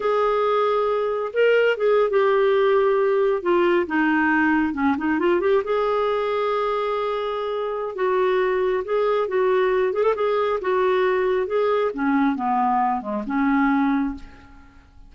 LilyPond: \new Staff \with { instrumentName = "clarinet" } { \time 4/4 \tempo 4 = 136 gis'2. ais'4 | gis'8. g'2. f'16~ | f'8. dis'2 cis'8 dis'8 f'16~ | f'16 g'8 gis'2.~ gis'16~ |
gis'2 fis'2 | gis'4 fis'4. gis'16 a'16 gis'4 | fis'2 gis'4 cis'4 | b4. gis8 cis'2 | }